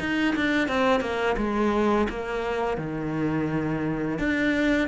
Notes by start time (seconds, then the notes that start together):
0.00 D#4
0.36 D4
0.69 C4
1.01 A#3
1.37 G#3
2.10 A#3
2.78 D#3
4.19 D4